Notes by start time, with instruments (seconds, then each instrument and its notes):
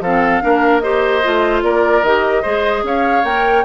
0.00 bassoon F3, clarinet C4, oboe A4, flute F5
0.41 bassoon A#3, clarinet D4, oboe A#4
0.79 clarinet G4, oboe C5, flute D#5
1.23 bassoon A3, clarinet F4
1.62 bassoon A#3, oboe A#4, flute D5
2.03 bassoon D#3, clarinet G4, flute D#5
2.42 bassoon G#3, clarinet G#4, oboe C5
2.83 bassoon C#4, oboe C#5, flute F5
3.23 bassoon A#3, clarinet A#4, flute G5